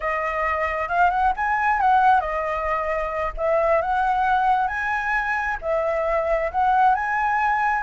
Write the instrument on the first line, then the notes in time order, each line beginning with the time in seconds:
flute
0.00 D#5
0.88 F5
1.10 F#5
1.36 G#5
1.80 F#5
2.20 D#5
3.37 E5
3.81 F#5
4.67 G#5
5.61 E5
6.51 F#5
6.95 G#5